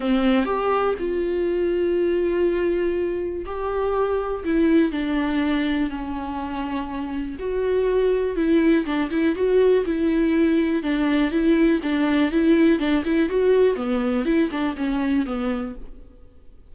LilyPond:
\new Staff \with { instrumentName = "viola" } { \time 4/4 \tempo 4 = 122 c'4 g'4 f'2~ | f'2. g'4~ | g'4 e'4 d'2 | cis'2. fis'4~ |
fis'4 e'4 d'8 e'8 fis'4 | e'2 d'4 e'4 | d'4 e'4 d'8 e'8 fis'4 | b4 e'8 d'8 cis'4 b4 | }